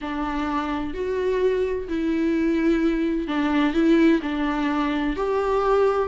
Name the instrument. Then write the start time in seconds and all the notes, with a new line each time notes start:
viola
0.01 D4
0.94 F#4
1.88 E4
3.27 D4
3.73 E4
4.22 D4
5.16 G4